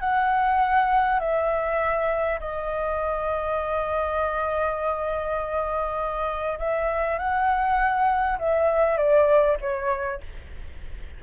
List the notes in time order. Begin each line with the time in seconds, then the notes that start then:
0.00 F#5
1.19 E5
2.40 D#5
6.59 E5
7.18 F#5
8.39 E5
8.97 D5
9.61 C#5